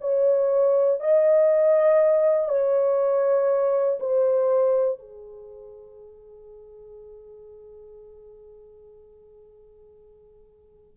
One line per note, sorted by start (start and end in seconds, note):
0.00 1.00 C#5
1.00 2.49 D#5
2.49 3.99 C#5
3.99 4.99 C5
4.99 10.97 G#4